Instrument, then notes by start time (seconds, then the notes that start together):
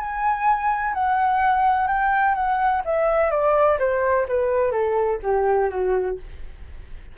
flute
0.00 G#5
0.94 F#5
1.88 G5
2.35 F#5
2.85 E5
3.31 D5
3.79 C5
4.28 B4
4.72 A4
5.23 G4
5.70 F#4